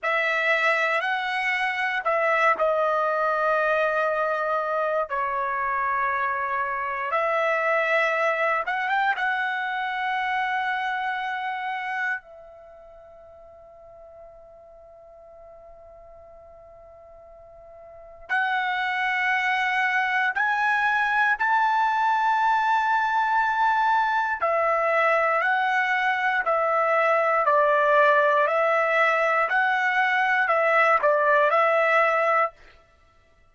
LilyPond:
\new Staff \with { instrumentName = "trumpet" } { \time 4/4 \tempo 4 = 59 e''4 fis''4 e''8 dis''4.~ | dis''4 cis''2 e''4~ | e''8 fis''16 g''16 fis''2. | e''1~ |
e''2 fis''2 | gis''4 a''2. | e''4 fis''4 e''4 d''4 | e''4 fis''4 e''8 d''8 e''4 | }